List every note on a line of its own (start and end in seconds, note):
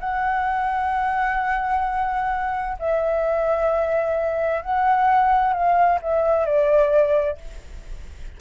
0.00 2.77 F#5
2.79 4.62 E5
4.62 5.53 F#5
5.53 5.99 F5
6.01 6.45 E5
6.45 7.38 D5